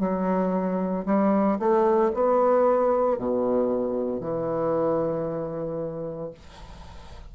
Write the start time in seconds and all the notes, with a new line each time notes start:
0.00 F#3
1.06 G3
1.59 A3
2.14 B3
3.18 B2
4.21 E3